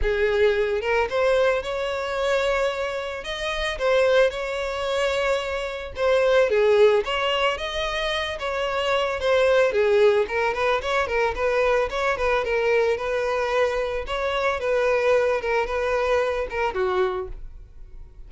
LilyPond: \new Staff \with { instrumentName = "violin" } { \time 4/4 \tempo 4 = 111 gis'4. ais'8 c''4 cis''4~ | cis''2 dis''4 c''4 | cis''2. c''4 | gis'4 cis''4 dis''4. cis''8~ |
cis''4 c''4 gis'4 ais'8 b'8 | cis''8 ais'8 b'4 cis''8 b'8 ais'4 | b'2 cis''4 b'4~ | b'8 ais'8 b'4. ais'8 fis'4 | }